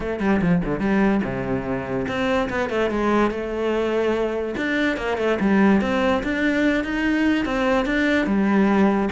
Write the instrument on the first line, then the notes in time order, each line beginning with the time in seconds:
cello
0.00 A3
0.20 G3
0.41 F3
0.65 D3
0.79 G3
1.24 C3
2.07 C4
2.49 B3
2.69 A3
2.90 G#3
3.30 A3
4.56 D4
4.96 A#3
5.17 A3
5.39 G3
5.81 C4
6.23 D4
6.84 D#4
7.45 C4
7.85 D4
8.26 G3